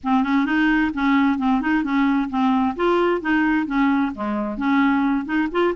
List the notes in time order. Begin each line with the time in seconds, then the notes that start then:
0.03 C4
0.23 C#4
0.45 D#4
0.94 C#4
1.38 C4
1.61 D#4
1.83 C#4
2.29 C4
2.76 F4
3.21 D#4
3.66 C#4
4.15 G#3
4.57 C#4
5.25 D#4
5.51 F4